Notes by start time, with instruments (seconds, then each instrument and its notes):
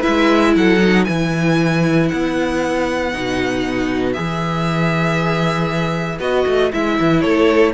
0.00 viola E4, violin B4 E5
0.08 cello G#3
0.56 cello F#3, violin A4 F#5
0.81 viola D#4
1.05 cello E3, viola E4, violin B4 G#5
2.09 cello B3, violin F#5
3.13 cello B2, viola D#4
4.13 cello E3, viola G#4, violin E5
6.19 cello B3, viola F#4, violin D#5
6.47 cello A3
6.73 cello G#3, viola E4, violin E5
7.00 cello E3
7.22 cello A3, violin A4 C#5